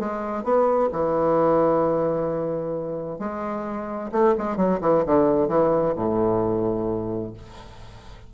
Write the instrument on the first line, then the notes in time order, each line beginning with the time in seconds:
bassoon
0.00 G#3
0.44 B3
0.93 E3
3.20 G#3
4.12 A3
4.38 G#3
4.57 F#3
4.82 E3
5.06 D3
5.49 E3
5.96 A2